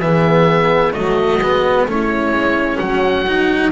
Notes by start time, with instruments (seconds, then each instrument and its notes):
0.00 double bass E3, cello B3, horn G#4, oboe E5
0.93 double bass F#3, cello A3, horn F#4, oboe D#5
1.40 double bass G#3, cello B3
1.87 double bass A3, cello C#4, horn E4, oboe C#5
2.32 double bass G#3
2.79 double bass F#3, horn F#4, oboe F#5
3.27 cello D#4